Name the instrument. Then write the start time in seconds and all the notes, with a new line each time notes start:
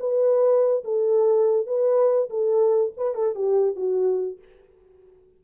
horn
0.00 B4
0.84 A4
1.67 B4
2.30 A4
2.97 B4
3.15 A4
3.35 G4
3.76 F#4